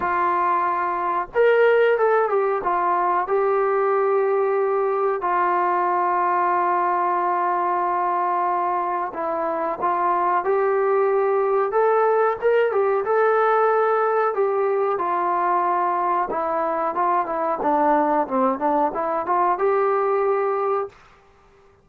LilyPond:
\new Staff \with { instrumentName = "trombone" } { \time 4/4 \tempo 4 = 92 f'2 ais'4 a'8 g'8 | f'4 g'2. | f'1~ | f'2 e'4 f'4 |
g'2 a'4 ais'8 g'8 | a'2 g'4 f'4~ | f'4 e'4 f'8 e'8 d'4 | c'8 d'8 e'8 f'8 g'2 | }